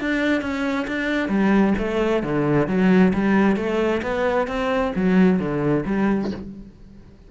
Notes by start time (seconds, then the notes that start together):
0.00 D4
0.41 C#4
0.87 D4
1.28 G3
1.78 A3
2.23 D3
2.67 F#3
3.13 G3
3.56 A3
4.02 B3
4.47 C4
4.95 F#3
5.39 D3
5.86 G3